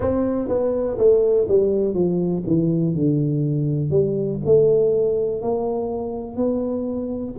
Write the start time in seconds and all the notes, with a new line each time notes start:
0.00 C4
0.48 B3
0.98 A3
1.48 G3
1.94 F3
2.46 E3
2.95 D3
3.90 G3
4.45 A3
5.41 A#3
6.36 B3